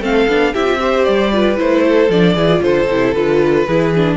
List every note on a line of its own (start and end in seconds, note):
0.00 0.26 A3
0.00 0.28 C4
0.00 0.53 A4
0.00 0.54 F5
0.27 0.53 B3
0.27 0.54 D4
0.53 1.07 C4
0.53 0.64 E4
0.53 0.79 G4
0.53 1.04 E5
0.64 0.77 F4
0.79 1.31 G4
0.79 1.32 C5
1.04 1.60 G3
1.04 1.56 D5
1.31 1.56 F4
1.31 1.83 B4
1.56 2.09 A3
1.56 2.08 E4
1.56 2.11 C5
1.83 2.35 A4
2.09 2.35 F3
2.09 2.37 D4
2.09 2.62 D5
2.35 2.61 E3
2.35 2.47 E4
2.35 2.61 G#4
2.47 2.87 F4
2.62 2.88 D3
2.62 3.67 A4
2.62 3.13 C5
2.88 3.14 C3
2.88 3.16 E4
3.13 3.66 D3
3.13 3.68 F4
3.13 4.17 B4
3.67 4.17 E3
3.67 3.95 E4
3.67 4.17 G#4
3.95 4.17 D4